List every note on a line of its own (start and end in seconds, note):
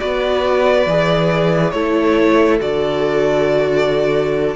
0.00 0.86 B3
0.00 0.87 F#4
0.00 1.73 B4
0.00 1.71 D5
0.86 1.73 E3
0.86 1.75 G#4
1.71 2.61 A3
1.71 2.60 E4
1.71 4.55 A4
1.71 2.58 C#5
2.60 4.56 D3
2.60 4.56 F#4
2.60 4.56 D5